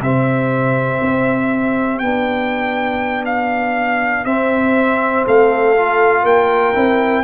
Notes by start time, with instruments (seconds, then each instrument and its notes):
0.00 tuba C3, trombone C4, horn G4, trumpet E5
1.01 tuba C4
1.99 tuba B3, trombone D4, trumpet G5
3.25 trumpet F5
4.25 tuba C4, trombone C4, trumpet E5
5.25 tuba A3, horn A4, trumpet F5
5.76 trombone F4
6.24 tuba A#3, horn A#4, trumpet G5
6.74 tuba C4, trombone E4